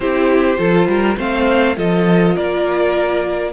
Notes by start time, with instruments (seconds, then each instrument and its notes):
0.00 cello C4, viola E4, violin G4 C5
0.56 cello F3, viola F4, violin A4
0.87 cello G3, violin A#4
1.17 cello A3, viola C4, violin C5 F5
1.76 cello F3, viola F4, violin A4 D#5
2.35 cello A#3, violin A#4 D5